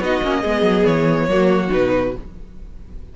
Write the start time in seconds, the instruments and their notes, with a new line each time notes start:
0.00 cello B3, viola D#4, violin F#4 D#5
0.23 cello A#3, viola C#4
0.41 cello G#3, viola B3, violin G#4
0.62 cello F#3
0.85 cello E3, violin C#5
1.28 cello F#3, viola A#3, violin F#4
1.69 cello B2, viola D#4, violin B4